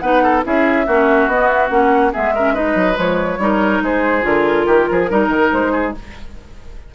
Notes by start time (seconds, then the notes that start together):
0.00 B3 D#4 B4 F#5
0.23 A4
0.43 C#4 E4 G#4 E5
0.86 A#3 C#4 F#4
1.27 B3 D#5
1.48 E5
1.70 A#3 C#4 F#5
2.12 G#3 B3 G#4 E5
2.35 C#4 A#4
2.54 D#4 B4 D#5
2.75 F#3
2.93 F3 G#3
2.99 C#5
3.38 G3 D#4 A#4
3.82 G#3 G#4 C5
4.22 D3 F4 A#4
4.66 D#3 G4
4.91 F3 G#4
5.10 G3 D#4 A#4
5.28 D#3
5.52 G#3 C5
5.72 G#4